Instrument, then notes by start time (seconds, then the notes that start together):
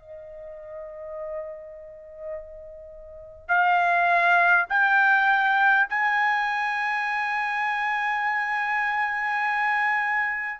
trumpet
0.00 D#5
3.49 F5
4.70 G5
5.90 G#5